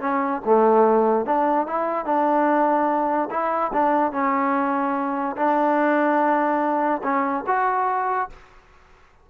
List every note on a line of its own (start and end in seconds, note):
0.00 0.41 C#4
0.45 1.25 A3
1.25 1.67 D4
1.67 2.05 E4
2.05 3.29 D4
3.30 3.71 E4
3.73 4.12 D4
4.12 5.36 C#4
5.36 7.02 D4
7.03 7.44 C#4
7.47 8.29 F#4